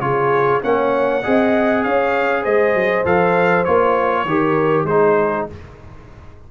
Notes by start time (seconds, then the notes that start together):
0.00 C#3 F4 G#4 C#5
0.61 A#3 C#4 C#5 F#5
1.22 C4 G#4 D#5
1.83 C#4 C#5 F5
2.41 G#3 C5 D#5
2.74 F#3
3.04 F3 A4 F5
3.64 A#3 F4 C#5
4.25 D#3 G4 A#4
4.84 G#3 D#4 C5
4.90 G#4